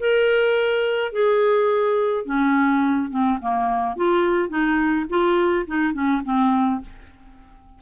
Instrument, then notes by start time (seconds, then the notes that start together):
clarinet
0.00 A#4
1.12 G#4
2.25 C#4
3.10 C4
3.41 A#3
3.96 F4
4.49 D#4
5.09 F4
5.67 D#4
5.93 C#4
6.25 C4